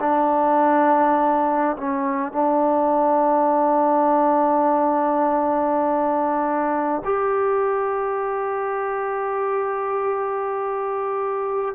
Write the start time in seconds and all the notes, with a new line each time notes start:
0.00 D4
1.78 C#4
2.32 D4
7.05 G4